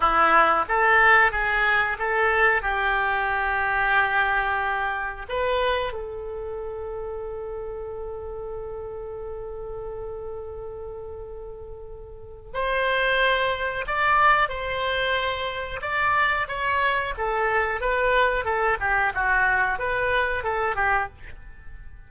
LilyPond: \new Staff \with { instrumentName = "oboe" } { \time 4/4 \tempo 4 = 91 e'4 a'4 gis'4 a'4 | g'1 | b'4 a'2.~ | a'1~ |
a'2. c''4~ | c''4 d''4 c''2 | d''4 cis''4 a'4 b'4 | a'8 g'8 fis'4 b'4 a'8 g'8 | }